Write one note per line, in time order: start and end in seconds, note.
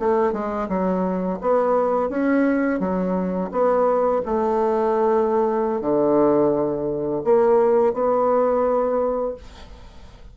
0.00 0.33 A3
0.33 0.68 G#3
0.69 1.40 F#3
1.41 2.10 B3
2.10 2.80 C#4
2.80 3.51 F#3
3.52 4.22 B3
4.26 5.81 A3
5.81 7.23 D3
7.24 7.94 A#3
7.94 9.35 B3